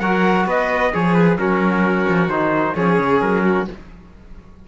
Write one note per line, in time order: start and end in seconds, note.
0.00 0.46 F#3
0.00 0.92 F#4
0.00 0.46 A#4
0.00 0.46 F#5
0.46 0.91 B3
0.46 0.92 B4
0.46 0.94 D#5
0.92 1.37 F3
0.92 1.38 G#4
0.92 1.14 C#5
1.14 1.37 B4
1.37 2.06 F#3
1.37 2.29 C#4
1.37 2.75 F#4
1.37 2.29 A#4
2.08 2.28 F3
2.28 2.73 D#3
2.28 2.76 D#4
2.28 2.75 C5
2.75 2.99 F3
2.75 3.68 C#4
2.75 3.43 G#4
2.75 3.21 C#5
2.99 3.21 C#3
3.21 3.67 F#3
3.21 3.67 A#4
3.44 3.67 F#4